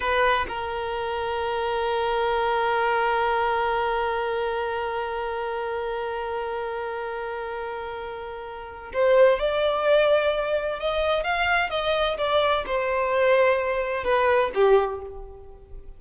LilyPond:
\new Staff \with { instrumentName = "violin" } { \time 4/4 \tempo 4 = 128 b'4 ais'2.~ | ais'1~ | ais'1~ | ais'1~ |
ais'2. c''4 | d''2. dis''4 | f''4 dis''4 d''4 c''4~ | c''2 b'4 g'4 | }